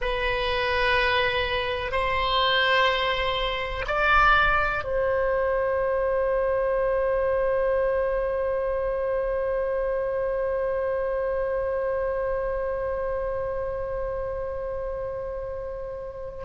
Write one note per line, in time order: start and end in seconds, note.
0.00 1.91 B4
1.91 3.85 C5
3.87 4.83 D5
4.84 16.44 C5